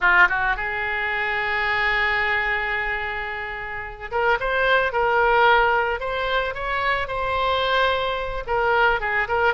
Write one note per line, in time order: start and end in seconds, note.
0.00 0.28 F4
0.29 0.56 F#4
0.56 4.11 G#4
4.11 4.38 A#4
4.40 4.92 C5
4.92 6.00 A#4
6.00 6.54 C5
6.54 7.07 C#5
7.07 8.43 C5
8.46 9.00 A#4
9.00 9.27 G#4
9.28 9.53 A#4